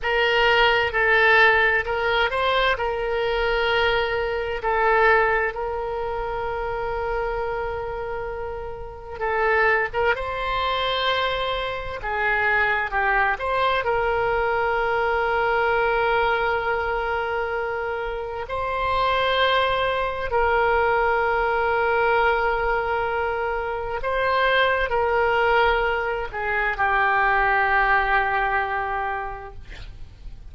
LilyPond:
\new Staff \with { instrumentName = "oboe" } { \time 4/4 \tempo 4 = 65 ais'4 a'4 ais'8 c''8 ais'4~ | ais'4 a'4 ais'2~ | ais'2 a'8. ais'16 c''4~ | c''4 gis'4 g'8 c''8 ais'4~ |
ais'1 | c''2 ais'2~ | ais'2 c''4 ais'4~ | ais'8 gis'8 g'2. | }